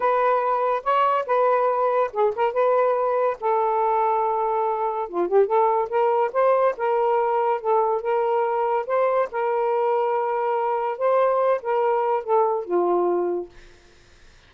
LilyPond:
\new Staff \with { instrumentName = "saxophone" } { \time 4/4 \tempo 4 = 142 b'2 cis''4 b'4~ | b'4 gis'8 ais'8 b'2 | a'1 | f'8 g'8 a'4 ais'4 c''4 |
ais'2 a'4 ais'4~ | ais'4 c''4 ais'2~ | ais'2 c''4. ais'8~ | ais'4 a'4 f'2 | }